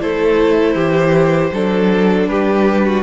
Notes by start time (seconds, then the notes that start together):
0.00 A3 E4 A4 C5
0.75 E3 G4
1.52 F#3 D4 A4
2.27 G3 G4 B4
2.86 F#4